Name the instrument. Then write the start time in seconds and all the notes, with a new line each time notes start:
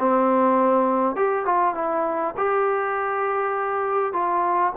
trombone
0.00 C4
1.16 G4
1.46 F4
1.75 E4
2.38 G4
4.14 F4